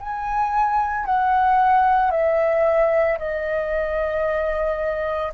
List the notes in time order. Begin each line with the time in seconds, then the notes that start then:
0.00 G#5
1.06 F#5
2.11 E5
3.19 D#5